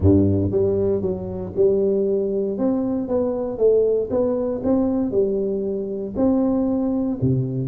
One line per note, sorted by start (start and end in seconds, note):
0.00 0.51 G2
0.51 1.01 G3
1.01 1.52 F#3
1.55 2.58 G3
2.58 3.08 C4
3.08 3.58 B3
3.58 4.09 A3
4.10 4.61 B3
4.63 5.11 C4
5.11 6.14 G3
6.16 7.19 C4
7.21 7.68 C3